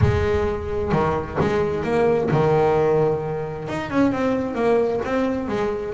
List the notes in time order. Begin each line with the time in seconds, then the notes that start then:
0.01 G#3
0.92 D#3
1.40 G#3
1.83 A#3
2.30 D#3
3.68 D#4
3.90 C#4
4.12 C4
4.54 A#3
5.05 C4
5.48 G#3